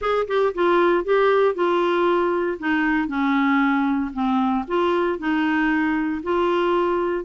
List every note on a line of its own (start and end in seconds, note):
0.01 0.27 G#4
0.27 0.53 G4
0.54 1.04 F4
1.04 1.54 G4
1.54 2.58 F4
2.59 3.08 D#4
3.08 4.11 C#4
4.13 4.65 C4
4.67 5.18 F4
5.18 6.22 D#4
6.23 7.24 F4